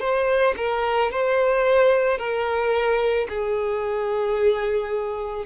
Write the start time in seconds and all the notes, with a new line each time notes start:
0.00 C5
0.57 A#4
1.12 C5
2.18 A#4
3.29 G#4